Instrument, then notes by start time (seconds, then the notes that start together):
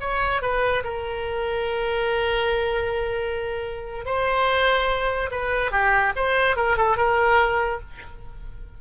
oboe
0.00 C#5
0.41 B4
0.83 A#4
4.05 C5
5.30 B4
5.71 G4
6.15 C5
6.56 A#4
6.76 A4
6.96 A#4